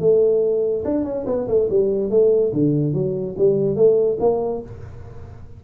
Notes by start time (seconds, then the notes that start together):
0.00 A3
0.85 D4
1.04 C#4
1.26 B3
1.48 A3
1.70 G3
2.10 A3
2.53 D3
2.93 F#3
3.38 G3
3.76 A3
4.20 A#3